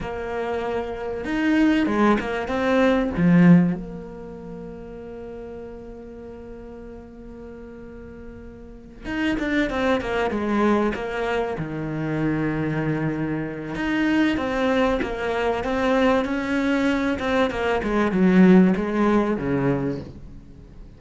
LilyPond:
\new Staff \with { instrumentName = "cello" } { \time 4/4 \tempo 4 = 96 ais2 dis'4 gis8 ais8 | c'4 f4 ais2~ | ais1~ | ais2~ ais8 dis'8 d'8 c'8 |
ais8 gis4 ais4 dis4.~ | dis2 dis'4 c'4 | ais4 c'4 cis'4. c'8 | ais8 gis8 fis4 gis4 cis4 | }